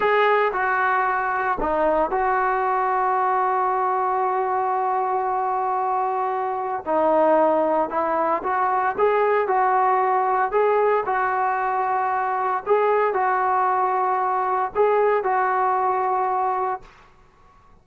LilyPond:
\new Staff \with { instrumentName = "trombone" } { \time 4/4 \tempo 4 = 114 gis'4 fis'2 dis'4 | fis'1~ | fis'1~ | fis'4 dis'2 e'4 |
fis'4 gis'4 fis'2 | gis'4 fis'2. | gis'4 fis'2. | gis'4 fis'2. | }